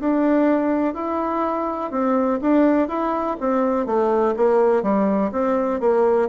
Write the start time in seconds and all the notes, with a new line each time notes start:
0.00 D4
0.95 E4
1.91 C4
2.41 D4
2.89 E4
3.40 C4
3.87 A3
4.37 A#3
4.83 G3
5.32 C4
5.81 A#3